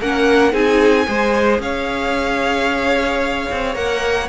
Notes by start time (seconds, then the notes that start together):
0.00 A#3 C#4 A#4 F#5
0.51 C4 D#4 G#4 G#5
1.06 G#3 G#4 C5
1.59 C#4 C#5 F5
3.51 C4
3.73 A#3 A#4 F#5